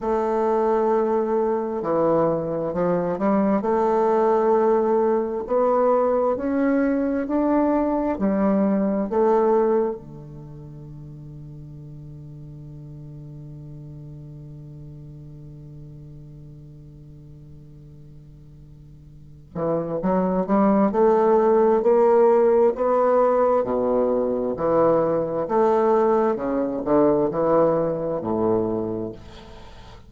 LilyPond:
\new Staff \with { instrumentName = "bassoon" } { \time 4/4 \tempo 4 = 66 a2 e4 f8 g8 | a2 b4 cis'4 | d'4 g4 a4 d4~ | d1~ |
d1~ | d4. e8 fis8 g8 a4 | ais4 b4 b,4 e4 | a4 cis8 d8 e4 a,4 | }